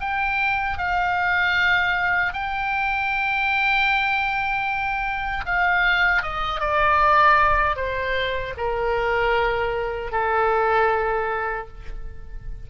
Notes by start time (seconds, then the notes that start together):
0.00 G5
0.78 F5
2.33 G5
5.46 F5
6.23 D#5
6.60 D5
7.76 C5
8.57 A#4
10.12 A4